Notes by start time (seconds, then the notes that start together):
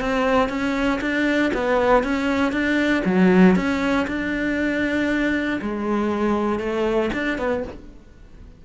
0.00 C4
0.49 C#4
1.01 D4
1.54 B3
2.03 C#4
2.52 D4
3.05 F#3
3.56 C#4
4.07 D4
5.61 G#3
6.59 A3
7.13 D4
7.38 B3